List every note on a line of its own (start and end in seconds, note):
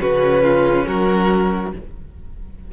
0.00 0.87 C#3
0.00 1.71 C#4
0.00 0.43 F#4
0.00 0.86 B4
0.43 0.86 F4
0.86 1.73 F#3
0.86 1.72 F#4
0.86 1.72 A#4